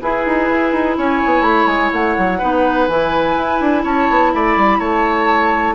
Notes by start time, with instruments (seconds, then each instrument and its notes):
0.00 clarinet E4, bassoon E4, oboe G#4, flute B4
0.26 bassoon D#4
0.49 bassoon E4
0.72 bassoon D#4
0.96 bassoon C#4, oboe C#5, flute G#5
1.25 bassoon B3
1.41 bassoon A3, flute B5
1.66 bassoon G#3, flute G#5
1.92 bassoon A3, flute F#5
2.17 bassoon F#3
2.38 bassoon B3, clarinet D#4, oboe B4
2.87 bassoon E3, clarinet E4, flute G#5
3.37 bassoon E4
3.60 bassoon D4
3.83 bassoon C#4, oboe C#5, flute A5
4.10 bassoon B3
4.33 bassoon A3, oboe D5, flute B5
4.56 bassoon G3
4.78 bassoon A3, oboe C#5, flute A5